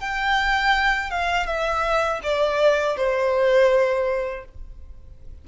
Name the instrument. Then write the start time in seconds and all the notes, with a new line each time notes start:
violin
0.00 G5
1.10 F5
1.46 E5
2.23 D5
2.97 C5